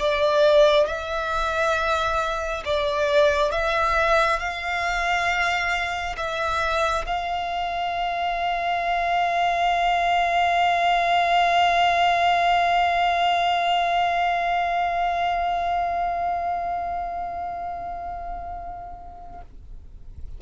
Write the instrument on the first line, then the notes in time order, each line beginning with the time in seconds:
violin
0.00 D5
0.87 E5
2.65 D5
3.51 E5
4.40 F5
6.17 E5
7.06 F5